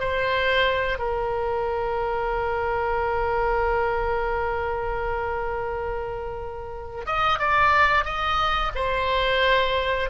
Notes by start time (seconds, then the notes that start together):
0.00 C5
0.99 A#4
7.06 D#5
7.39 D5
8.05 D#5
8.75 C5